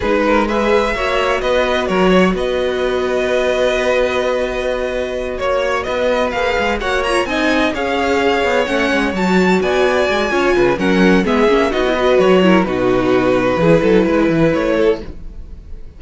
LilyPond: <<
  \new Staff \with { instrumentName = "violin" } { \time 4/4 \tempo 4 = 128 b'4 e''2 dis''4 | cis''4 dis''2.~ | dis''2.~ dis''8 cis''8~ | cis''8 dis''4 f''4 fis''8 ais''8 gis''8~ |
gis''8 f''2 fis''4 a''8~ | a''8 gis''2~ gis''8 fis''4 | e''4 dis''4 cis''4 b'4~ | b'2. cis''4 | }
  \new Staff \with { instrumentName = "violin" } { \time 4/4 gis'8 ais'8 b'4 cis''4 b'4 | ais'8 cis''8 b'2.~ | b'2.~ b'8 cis''8~ | cis''8 b'2 cis''4 dis''8~ |
dis''8 cis''2.~ cis''8~ | cis''8 d''4. cis''8 b'8 ais'4 | gis'4 fis'8 b'4 ais'8 fis'4~ | fis'4 gis'8 a'8 b'4. a'8 | }
  \new Staff \with { instrumentName = "viola" } { \time 4/4 dis'4 gis'4 fis'2~ | fis'1~ | fis'1~ | fis'4. gis'4 fis'8 f'8 dis'8~ |
dis'8 gis'2 cis'4 fis'8~ | fis'2 f'4 cis'4 | b8 cis'8 dis'16 e'16 fis'4 e'8 dis'4~ | dis'4 e'2. | }
  \new Staff \with { instrumentName = "cello" } { \time 4/4 gis2 ais4 b4 | fis4 b2.~ | b2.~ b8 ais8~ | ais8 b4 ais8 gis8 ais4 c'8~ |
c'8 cis'4. b8 a8 gis8 fis8~ | fis8 b4 gis8 cis'8 cis8 fis4 | gis8 ais8 b4 fis4 b,4~ | b,4 e8 fis8 gis8 e8 a4 | }
>>